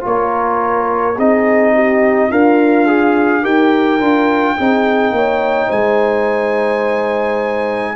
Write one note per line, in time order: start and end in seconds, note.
0.00 1.17 A#3
0.00 1.13 F4
0.00 1.16 A#4
0.00 1.19 C#5
1.16 2.30 C4
1.16 2.31 D#4
1.16 1.73 G#4
1.16 2.31 D#5
1.74 2.28 G4
2.28 3.43 D4
2.28 3.41 F4
2.28 2.86 A#4
2.28 3.44 F5
2.86 3.42 G#4
3.42 3.99 D#4
3.42 3.99 G4
3.42 4.55 A#4
3.42 5.71 G5
3.99 4.56 D4
3.99 4.57 F4
4.57 5.11 C4
4.57 7.96 D#4
4.57 5.14 G#4
5.11 5.67 A#3
5.11 5.67 C#5
5.67 7.96 G#3
5.67 7.94 C5
5.67 7.96 G#5